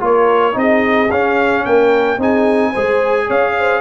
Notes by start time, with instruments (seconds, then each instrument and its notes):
0.00 tuba A#3, trombone F4, horn A#4, trumpet C#5
0.53 tuba C4, trombone D#4, trumpet D#5
0.59 horn G#4
1.11 tuba C#4, trombone C#4, trumpet F5
1.64 tuba A#3, horn A#4, trumpet G5
2.18 tuba C4, trombone D#4, horn G#4, trumpet G#5
2.70 horn C5
2.76 tuba G#3, trombone G#4
3.27 tuba C#4, horn C#5, trumpet F5
3.59 horn C5